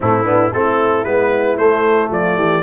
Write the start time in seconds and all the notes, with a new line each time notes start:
0.00 A2 A3 C4 E4
0.24 B3 D4
0.53 A3 C4 E4 A4
1.04 G#3 B3 B4
1.57 A3 C5
2.10 F3 F4 D5
2.36 E3 G4